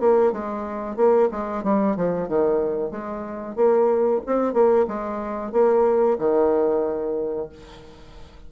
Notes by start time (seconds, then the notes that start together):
0.00 A#3
0.32 G#3
0.96 A#3
1.31 G#3
1.63 G3
1.96 F3
2.28 D#3
2.91 G#3
3.56 A#3
4.26 C4
4.53 A#3
4.88 G#3
5.52 A#3
6.19 D#3